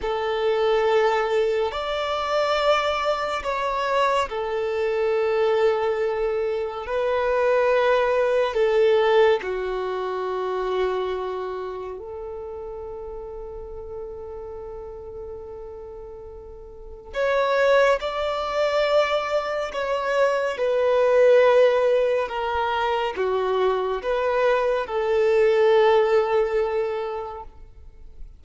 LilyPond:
\new Staff \with { instrumentName = "violin" } { \time 4/4 \tempo 4 = 70 a'2 d''2 | cis''4 a'2. | b'2 a'4 fis'4~ | fis'2 a'2~ |
a'1 | cis''4 d''2 cis''4 | b'2 ais'4 fis'4 | b'4 a'2. | }